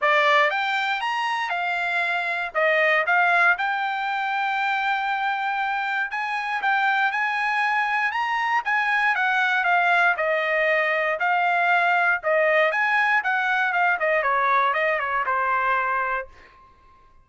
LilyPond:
\new Staff \with { instrumentName = "trumpet" } { \time 4/4 \tempo 4 = 118 d''4 g''4 ais''4 f''4~ | f''4 dis''4 f''4 g''4~ | g''1 | gis''4 g''4 gis''2 |
ais''4 gis''4 fis''4 f''4 | dis''2 f''2 | dis''4 gis''4 fis''4 f''8 dis''8 | cis''4 dis''8 cis''8 c''2 | }